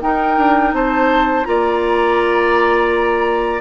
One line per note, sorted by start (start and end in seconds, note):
0.00 1.44 D#4
0.00 0.37 D#4
0.00 0.75 A#4
0.00 0.74 G5
0.37 0.73 D4
0.73 1.45 C4
0.73 1.47 C5
0.73 1.45 A5
1.44 3.61 A#3
1.44 3.61 F4
1.44 3.61 D5
1.44 3.61 A#5